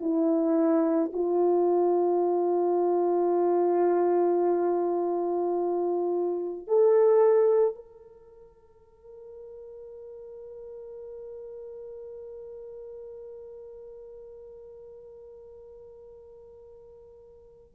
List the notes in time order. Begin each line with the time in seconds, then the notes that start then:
0.00 E4
1.13 F4
6.67 A4
7.75 A#4